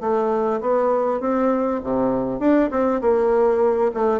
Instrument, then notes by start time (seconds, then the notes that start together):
bassoon
0.00 A3
0.60 B3
1.20 C4
1.83 C3
2.39 D4
2.70 C4
3.01 A#3
3.94 A3